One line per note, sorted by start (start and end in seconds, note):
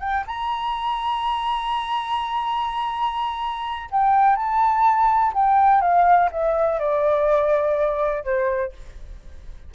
0.00 0.24 G5
0.27 3.90 A#5
3.91 4.36 G5
4.36 5.33 A5
5.34 5.81 G5
5.81 6.29 F5
6.32 6.79 E5
6.79 8.24 D5
8.24 8.73 C5